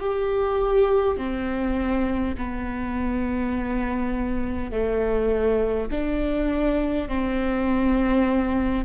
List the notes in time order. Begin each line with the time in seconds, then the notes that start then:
0.00 G4
1.17 C4
2.37 B3
4.71 A3
5.91 D4
7.08 C4